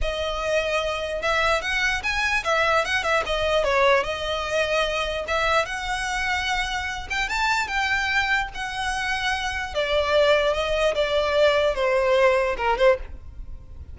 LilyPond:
\new Staff \with { instrumentName = "violin" } { \time 4/4 \tempo 4 = 148 dis''2. e''4 | fis''4 gis''4 e''4 fis''8 e''8 | dis''4 cis''4 dis''2~ | dis''4 e''4 fis''2~ |
fis''4. g''8 a''4 g''4~ | g''4 fis''2. | d''2 dis''4 d''4~ | d''4 c''2 ais'8 c''8 | }